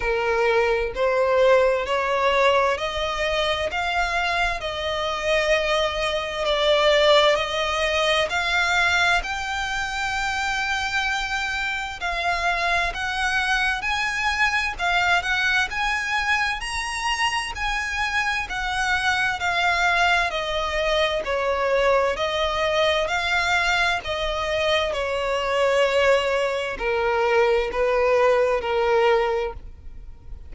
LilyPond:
\new Staff \with { instrumentName = "violin" } { \time 4/4 \tempo 4 = 65 ais'4 c''4 cis''4 dis''4 | f''4 dis''2 d''4 | dis''4 f''4 g''2~ | g''4 f''4 fis''4 gis''4 |
f''8 fis''8 gis''4 ais''4 gis''4 | fis''4 f''4 dis''4 cis''4 | dis''4 f''4 dis''4 cis''4~ | cis''4 ais'4 b'4 ais'4 | }